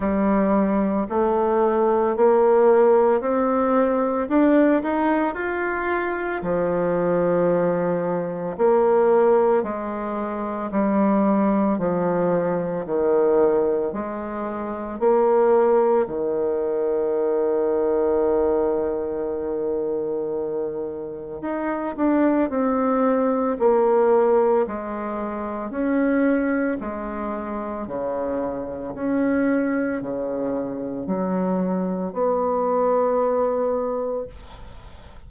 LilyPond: \new Staff \with { instrumentName = "bassoon" } { \time 4/4 \tempo 4 = 56 g4 a4 ais4 c'4 | d'8 dis'8 f'4 f2 | ais4 gis4 g4 f4 | dis4 gis4 ais4 dis4~ |
dis1 | dis'8 d'8 c'4 ais4 gis4 | cis'4 gis4 cis4 cis'4 | cis4 fis4 b2 | }